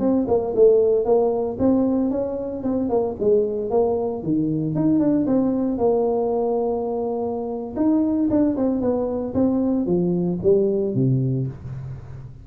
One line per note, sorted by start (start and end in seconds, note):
0.00 0.26 C4
0.28 0.54 A#3
0.55 1.05 A3
1.05 1.58 A#3
1.59 2.11 C4
2.11 2.63 C#4
2.63 2.89 C4
2.89 3.16 A#3
3.20 3.71 G#3
3.71 4.23 A#3
4.23 4.75 D#3
4.75 5.00 D#4
5.00 5.26 D4
5.27 5.78 C4
5.78 7.75 A#3
7.76 8.29 D#4
8.30 8.56 D4
8.57 8.81 C4
8.81 9.34 B3
9.34 9.86 C4
9.86 10.39 F3
10.43 10.94 G3
10.94 11.47 C3